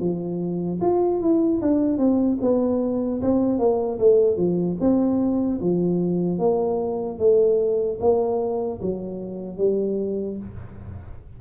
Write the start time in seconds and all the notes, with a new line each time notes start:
0.00 F3
0.81 F4
1.21 E4
1.62 D4
1.98 C4
2.41 B3
3.22 C4
3.59 A#3
3.99 A3
4.37 F3
4.80 C4
5.61 F3
6.39 A#3
7.19 A3
8.01 A#3
8.81 F#3
9.57 G3